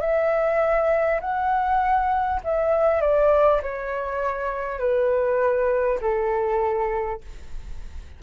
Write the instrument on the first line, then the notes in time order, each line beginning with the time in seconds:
flute
0.00 E5
1.21 F#5
2.44 E5
3.01 D5
3.62 C#5
4.78 B4
6.01 A4